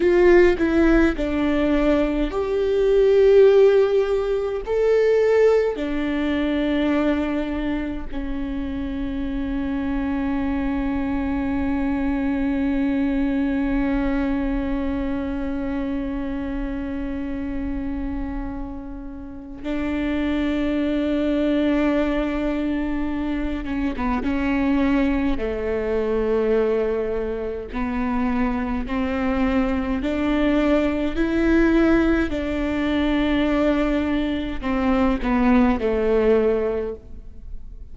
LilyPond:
\new Staff \with { instrumentName = "viola" } { \time 4/4 \tempo 4 = 52 f'8 e'8 d'4 g'2 | a'4 d'2 cis'4~ | cis'1~ | cis'1~ |
cis'4 d'2.~ | d'8 cis'16 b16 cis'4 a2 | b4 c'4 d'4 e'4 | d'2 c'8 b8 a4 | }